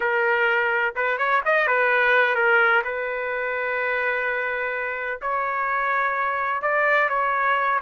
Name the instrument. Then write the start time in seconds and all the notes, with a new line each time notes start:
trumpet
0.00 A#4
0.95 B4
1.17 C#5
1.45 D#5
1.67 B4
2.35 A#4
2.84 B4
5.21 C#5
6.62 D5
7.09 C#5